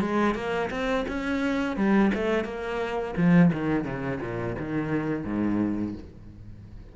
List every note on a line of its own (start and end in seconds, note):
0.00 0.35 G#3
0.35 0.69 A#3
0.70 1.05 C4
1.08 1.76 C#4
1.76 2.11 G3
2.14 2.44 A3
2.44 3.14 A#3
3.16 3.51 F3
3.52 3.84 D#3
3.84 4.19 C#3
4.21 4.55 A#2
4.58 5.24 D#3
5.24 5.94 G#2